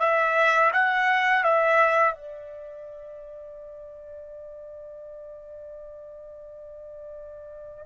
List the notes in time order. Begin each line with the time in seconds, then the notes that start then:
0.00 E5
0.73 F#5
1.44 E5
2.15 D5